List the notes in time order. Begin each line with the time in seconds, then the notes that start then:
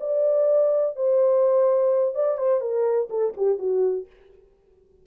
0.00 D5
0.96 C5
2.15 D5
2.38 C5
2.61 A#4
3.10 A4
3.37 G4
3.58 F#4